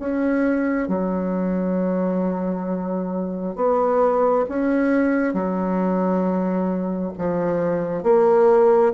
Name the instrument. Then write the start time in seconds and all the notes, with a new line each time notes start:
bassoon
0.00 C#4
0.88 F#3
3.56 B3
4.49 C#4
5.34 F#3
7.18 F3
8.04 A#3